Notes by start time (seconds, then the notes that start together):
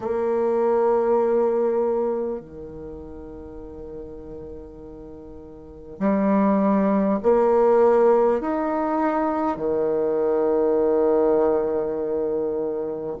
0.00 A#3
2.39 D#3
5.99 G3
7.22 A#3
8.41 D#4
9.57 D#3